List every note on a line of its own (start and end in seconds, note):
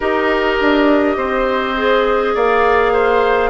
0.00 0.59 D#4
0.00 1.76 G4
0.00 1.16 A#4
0.00 2.36 D#5
0.60 1.16 D4
1.16 2.34 C4
1.16 2.34 C5
1.76 3.50 G#4
2.34 3.50 A#3
2.34 2.92 D5
2.34 3.50 F5
2.92 3.50 C5